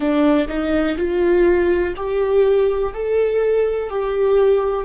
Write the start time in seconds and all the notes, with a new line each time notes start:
0.00 D4
0.48 D#4
0.97 F4
1.96 G4
2.93 A4
3.89 G4